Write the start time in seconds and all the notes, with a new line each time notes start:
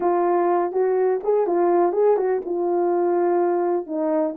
0.00 F4
0.71 F#4
1.23 G#4
1.46 F4
1.92 G#4
2.16 F#4
2.45 F4
3.86 D#4